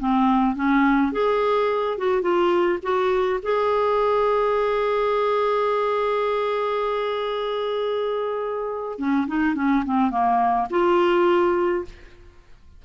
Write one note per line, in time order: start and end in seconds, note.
0.00 0.56 C4
0.56 1.13 C#4
1.13 1.98 G#4
1.98 2.22 F#4
2.22 2.79 F4
2.83 3.40 F#4
3.43 8.99 G#4
8.99 9.28 C#4
9.28 9.56 D#4
9.56 9.84 C#4
9.86 10.11 C4
10.11 10.68 A#3
10.71 11.85 F4